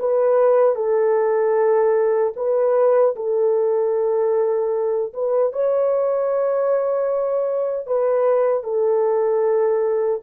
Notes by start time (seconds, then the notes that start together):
0.00 B4
0.76 A4
2.36 B4
3.16 A4
5.14 B4
5.53 C#5
7.87 B4
8.64 A4